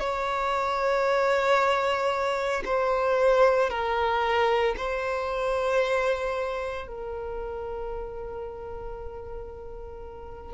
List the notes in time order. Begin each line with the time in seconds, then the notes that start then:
0.00 C#5
2.65 C5
3.70 A#4
4.77 C5
6.88 A#4